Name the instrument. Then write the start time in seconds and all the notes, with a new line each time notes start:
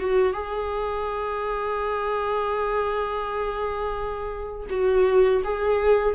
viola
0.00 F#4
0.34 G#4
4.71 F#4
5.45 G#4